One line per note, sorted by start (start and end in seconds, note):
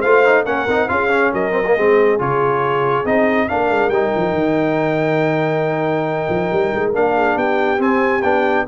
0.00 0.45 A3
0.00 0.25 F4
0.00 0.43 C5
0.00 0.44 F5
0.25 0.46 D#4
0.45 0.67 A#3
0.45 0.67 C#4
0.45 0.89 A#4
0.45 0.88 F#5
0.67 0.89 C4
0.67 0.88 D#4
0.88 1.32 C#4
0.88 1.09 F4
0.88 1.32 G#4
0.88 1.32 F5
1.09 1.51 C#4
1.32 1.76 F#3
1.32 1.75 A#4
1.32 2.20 D#5
1.51 1.62 C4
1.66 1.77 A#3
1.75 2.20 G#3
1.75 2.18 C4
1.75 3.48 G#4
2.18 3.05 C#3
2.18 3.05 F4
2.18 3.06 C#5
3.05 3.48 C4
3.05 3.48 D#4
3.05 3.48 D#5
3.48 3.70 A#3
3.48 3.91 D4
3.48 7.15 A#4
3.48 3.89 F5
3.70 3.89 G#3
3.89 4.10 G3
3.89 6.93 D#4
3.89 6.91 G5
4.15 4.32 F3
4.32 6.27 D#3
6.29 6.51 F3
6.52 6.73 G3
6.75 6.94 G#3
6.93 7.36 A#3
6.93 7.78 D4
6.93 7.38 F5
7.15 7.36 G#4
7.36 7.79 B3
7.36 8.65 G4
7.36 7.81 G5
7.78 8.21 C4
7.78 8.22 C4
7.78 8.22 G#5
8.22 8.66 B3
8.22 8.66 D4
8.22 8.65 G5